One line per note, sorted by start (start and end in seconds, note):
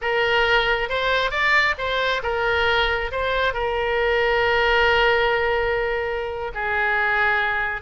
0.01 0.89 A#4
0.89 1.30 C5
1.30 1.74 D5
1.77 2.22 C5
2.23 3.11 A#4
3.11 3.53 C5
3.53 6.51 A#4
6.54 7.81 G#4